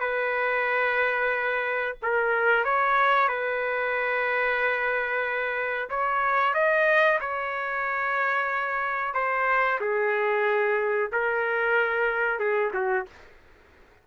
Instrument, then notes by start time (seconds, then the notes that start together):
trumpet
0.00 B4
2.02 A#4
2.65 C#5
3.29 B4
5.90 C#5
6.54 D#5
7.21 C#5
9.14 C5
9.81 G#4
11.12 A#4
12.39 G#4
12.74 F#4